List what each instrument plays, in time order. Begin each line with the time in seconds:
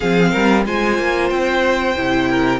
0.00 cello F3, viola C4, violin G#4 F5
0.31 cello G3, violin A#4
0.65 cello G#3, viola F4, violin C5 G#5
0.98 cello A#3
1.29 cello C4, violin G5
1.96 cello C3, viola E4
2.29 violin A#4